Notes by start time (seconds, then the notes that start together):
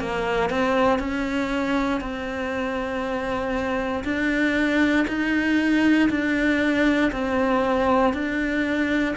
0.00 A#3
0.50 C4
0.99 C#4
2.01 C4
4.04 D4
5.08 D#4
6.10 D4
7.12 C4
8.14 D4